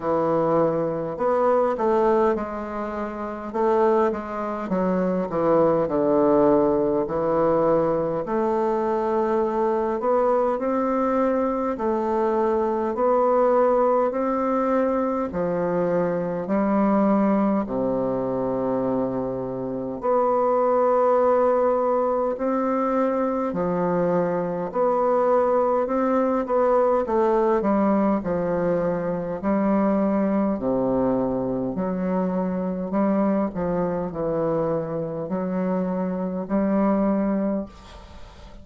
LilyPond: \new Staff \with { instrumentName = "bassoon" } { \time 4/4 \tempo 4 = 51 e4 b8 a8 gis4 a8 gis8 | fis8 e8 d4 e4 a4~ | a8 b8 c'4 a4 b4 | c'4 f4 g4 c4~ |
c4 b2 c'4 | f4 b4 c'8 b8 a8 g8 | f4 g4 c4 fis4 | g8 f8 e4 fis4 g4 | }